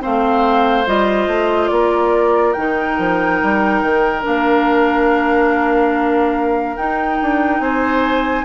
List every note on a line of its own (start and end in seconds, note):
0.00 0.86 A3
0.00 0.85 C4
0.00 1.70 C5
0.00 0.87 F5
0.86 1.27 G3
0.86 2.55 F4
0.86 1.67 D#5
1.27 1.69 A3
1.67 2.54 A#3
1.67 7.62 A#4
1.67 2.52 D5
2.52 2.98 D#3
2.52 4.22 D#4
2.52 4.21 G5
2.98 3.40 F3
3.42 3.82 G3
3.82 4.24 D#3
4.22 6.76 A#3
4.22 6.76 D4
4.22 6.76 F5
6.76 7.19 D#4
6.76 8.45 D#4
6.76 7.60 G5
7.21 7.59 D4
7.59 8.44 C4
7.59 8.45 C5
7.59 8.45 G#5